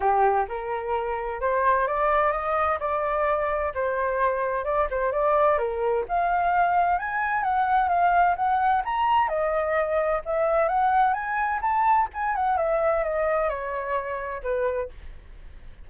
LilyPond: \new Staff \with { instrumentName = "flute" } { \time 4/4 \tempo 4 = 129 g'4 ais'2 c''4 | d''4 dis''4 d''2 | c''2 d''8 c''8 d''4 | ais'4 f''2 gis''4 |
fis''4 f''4 fis''4 ais''4 | dis''2 e''4 fis''4 | gis''4 a''4 gis''8 fis''8 e''4 | dis''4 cis''2 b'4 | }